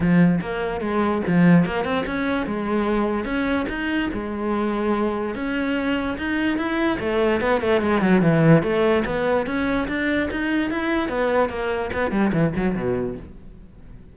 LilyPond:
\new Staff \with { instrumentName = "cello" } { \time 4/4 \tempo 4 = 146 f4 ais4 gis4 f4 | ais8 c'8 cis'4 gis2 | cis'4 dis'4 gis2~ | gis4 cis'2 dis'4 |
e'4 a4 b8 a8 gis8 fis8 | e4 a4 b4 cis'4 | d'4 dis'4 e'4 b4 | ais4 b8 g8 e8 fis8 b,4 | }